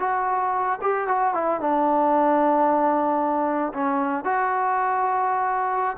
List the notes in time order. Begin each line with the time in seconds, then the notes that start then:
0.00 F#4
0.82 G4
1.08 F#4
1.34 E4
1.61 D4
3.74 C#4
4.25 F#4